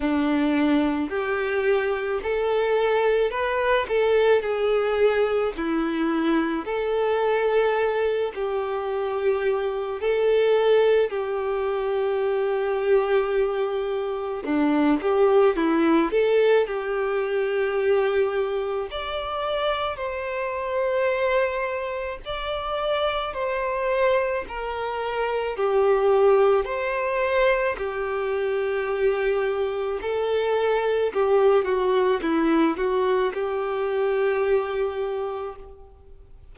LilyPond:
\new Staff \with { instrumentName = "violin" } { \time 4/4 \tempo 4 = 54 d'4 g'4 a'4 b'8 a'8 | gis'4 e'4 a'4. g'8~ | g'4 a'4 g'2~ | g'4 d'8 g'8 e'8 a'8 g'4~ |
g'4 d''4 c''2 | d''4 c''4 ais'4 g'4 | c''4 g'2 a'4 | g'8 fis'8 e'8 fis'8 g'2 | }